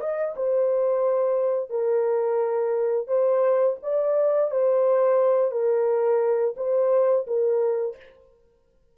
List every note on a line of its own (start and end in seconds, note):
0.00 0.34 D#5
0.36 1.70 C5
1.70 3.07 A#4
3.07 3.76 C5
3.82 4.51 D5
4.51 5.51 C5
5.51 6.55 A#4
6.56 7.25 C5
7.27 7.96 A#4